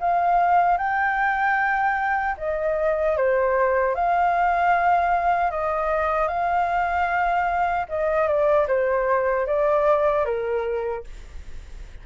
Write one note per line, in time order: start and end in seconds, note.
0.00 0.78 F5
0.78 2.35 G5
2.38 3.17 D#5
3.17 3.94 C5
3.94 5.50 F5
5.50 6.28 D#5
6.28 7.86 F5
7.89 8.27 D#5
8.27 8.67 D5
8.67 9.46 C5
9.46 10.25 D5
10.25 11.04 A#4